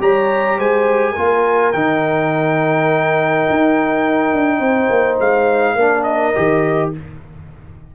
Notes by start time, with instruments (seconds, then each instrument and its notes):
0.00 tuba G3, trombone G4, horn C#5, trumpet A#5
0.58 tuba G#3, horn C5, trumpet G#5
1.13 tuba A#3, trombone F4, horn A#4
1.72 tuba D#3, trombone D#4, trumpet G5
3.50 tuba D#4
4.34 tuba D4
4.60 tuba C4, horn C5
4.90 tuba A#3
5.20 tuba G#3, trumpet F5
5.75 tuba A#3, trombone D4, horn A#4
6.04 trumpet D#5
6.36 tuba D#3, trombone G4